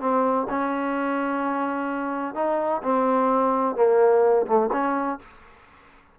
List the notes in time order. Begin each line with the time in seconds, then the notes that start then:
0.00 C4
0.49 C#4
2.35 D#4
2.83 C4
3.76 A#3
4.46 A3
4.72 C#4